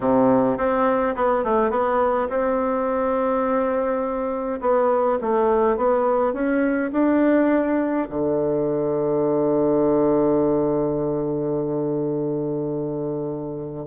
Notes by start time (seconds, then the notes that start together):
0.00 C3
0.57 C4
1.15 B3
1.43 A3
1.70 B3
2.29 C4
4.60 B3
5.21 A3
5.77 B3
6.33 C#4
6.92 D4
8.09 D3